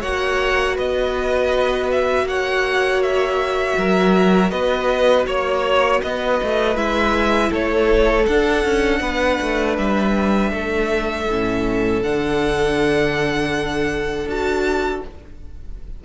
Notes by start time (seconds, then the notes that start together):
0.00 A#3 F#4 C#5 F#5
0.75 B3 B4 D#5
1.91 E5
2.23 A#3 C#5 F#5
3.02 E5
3.78 F#3 A#4
4.50 B3 B4 D#5
5.26 A#3 C#5
6.02 B3 B4 D#5
6.43 A3
6.75 G#3 E4 E5
7.50 A3 A4 C#5
8.26 D4 F#5
8.65 C#4
9.00 B3 B4
9.41 A3
9.78 G3 E5
10.51 A3 A4
11.28 A2 C#4
12.03 D3 D4 F#5
14.25 D4 F#4 A5